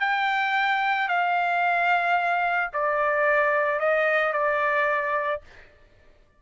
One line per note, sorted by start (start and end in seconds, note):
0.00 1.08 G5
1.08 2.71 F5
2.73 3.80 D5
3.80 4.33 D#5
4.33 5.41 D5